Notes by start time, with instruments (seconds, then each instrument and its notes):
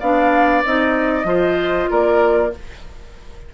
0.00 bassoon B3, clarinet D4, oboe D5, flute F5
0.64 bassoon C4, clarinet D#4, flute D#5
1.24 bassoon F3, clarinet F4, oboe C5
1.90 bassoon A#3, oboe A#4, flute D5